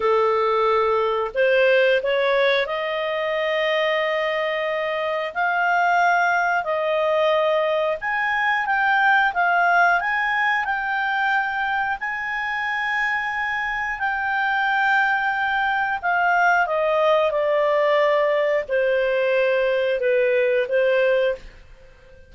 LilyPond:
\new Staff \with { instrumentName = "clarinet" } { \time 4/4 \tempo 4 = 90 a'2 c''4 cis''4 | dis''1 | f''2 dis''2 | gis''4 g''4 f''4 gis''4 |
g''2 gis''2~ | gis''4 g''2. | f''4 dis''4 d''2 | c''2 b'4 c''4 | }